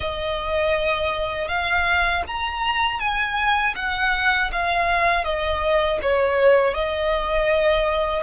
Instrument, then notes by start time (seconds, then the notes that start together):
violin
0.00 D#5
1.48 F5
2.27 A#5
2.99 G#5
3.75 F#5
4.52 F5
5.24 D#5
6.02 C#5
6.74 D#5